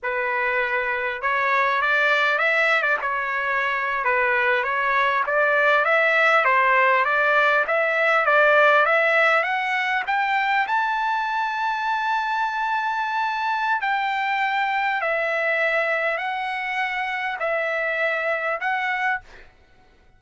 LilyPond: \new Staff \with { instrumentName = "trumpet" } { \time 4/4 \tempo 4 = 100 b'2 cis''4 d''4 | e''8. d''16 cis''4.~ cis''16 b'4 cis''16~ | cis''8. d''4 e''4 c''4 d''16~ | d''8. e''4 d''4 e''4 fis''16~ |
fis''8. g''4 a''2~ a''16~ | a''2. g''4~ | g''4 e''2 fis''4~ | fis''4 e''2 fis''4 | }